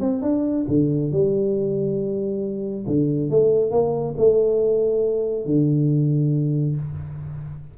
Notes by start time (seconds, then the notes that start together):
0.00 C4
0.22 D4
0.68 D3
1.11 G3
2.86 D3
3.30 A3
3.71 A#3
4.17 A3
5.45 D3